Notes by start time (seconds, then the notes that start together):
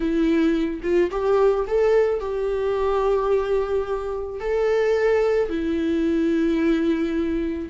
0.00 E4
0.83 F4
1.10 G4
1.67 A4
2.20 G4
4.40 A4
5.49 E4